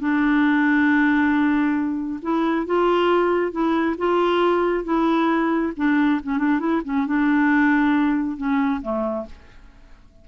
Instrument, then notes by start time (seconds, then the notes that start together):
clarinet
0.00 D4
2.23 E4
2.67 F4
3.52 E4
3.98 F4
4.85 E4
5.77 D4
6.23 C#4
6.39 D4
6.60 E4
6.85 C#4
7.07 D4
8.37 C#4
8.82 A3